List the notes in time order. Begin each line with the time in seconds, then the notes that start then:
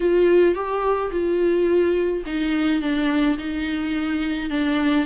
0.00 F4
0.54 G4
1.11 F4
2.26 D#4
2.81 D4
3.38 D#4
4.50 D4